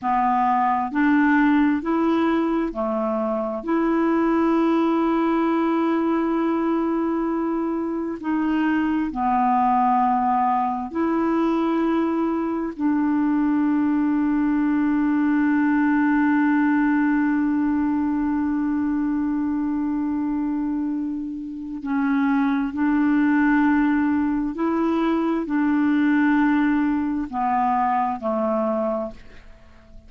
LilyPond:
\new Staff \with { instrumentName = "clarinet" } { \time 4/4 \tempo 4 = 66 b4 d'4 e'4 a4 | e'1~ | e'4 dis'4 b2 | e'2 d'2~ |
d'1~ | d'1 | cis'4 d'2 e'4 | d'2 b4 a4 | }